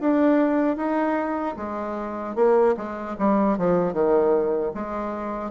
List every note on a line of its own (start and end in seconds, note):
0.00 0.76 D4
0.76 1.55 D#4
1.57 2.35 G#3
2.35 2.75 A#3
2.77 3.16 G#3
3.19 3.58 G3
3.58 3.93 F3
3.93 4.72 D#3
4.74 5.51 G#3